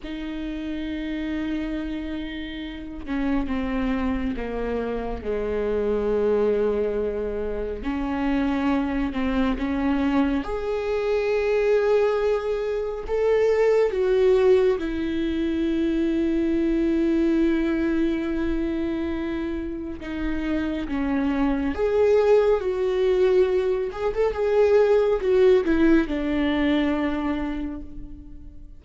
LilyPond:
\new Staff \with { instrumentName = "viola" } { \time 4/4 \tempo 4 = 69 dis'2.~ dis'8 cis'8 | c'4 ais4 gis2~ | gis4 cis'4. c'8 cis'4 | gis'2. a'4 |
fis'4 e'2.~ | e'2. dis'4 | cis'4 gis'4 fis'4. gis'16 a'16 | gis'4 fis'8 e'8 d'2 | }